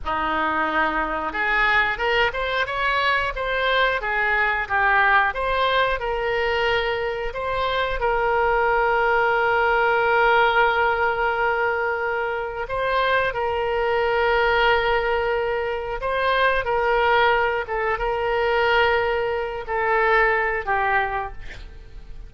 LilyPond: \new Staff \with { instrumentName = "oboe" } { \time 4/4 \tempo 4 = 90 dis'2 gis'4 ais'8 c''8 | cis''4 c''4 gis'4 g'4 | c''4 ais'2 c''4 | ais'1~ |
ais'2. c''4 | ais'1 | c''4 ais'4. a'8 ais'4~ | ais'4. a'4. g'4 | }